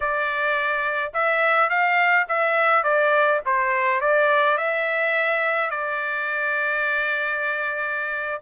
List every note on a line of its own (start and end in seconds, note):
0.00 1.12 D5
1.13 1.69 E5
1.69 2.26 F5
2.28 2.83 E5
2.83 3.41 D5
3.45 4.00 C5
4.00 4.57 D5
4.57 5.70 E5
5.70 8.41 D5